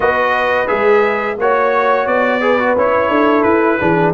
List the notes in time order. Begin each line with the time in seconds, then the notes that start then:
0.00 B3 F#4 B4 D#5
0.67 G#3 G#4 E5
1.37 A#3 F#4 C#5
2.06 B3 D5
2.41 G#4 B4
2.59 F#4
2.75 C#4 E4 C#5
3.09 D4 A4
3.42 E4 B4
3.79 E3 D4 G#4